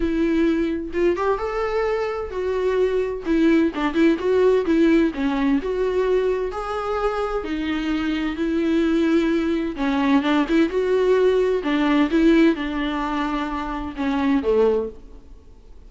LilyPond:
\new Staff \with { instrumentName = "viola" } { \time 4/4 \tempo 4 = 129 e'2 f'8 g'8 a'4~ | a'4 fis'2 e'4 | d'8 e'8 fis'4 e'4 cis'4 | fis'2 gis'2 |
dis'2 e'2~ | e'4 cis'4 d'8 e'8 fis'4~ | fis'4 d'4 e'4 d'4~ | d'2 cis'4 a4 | }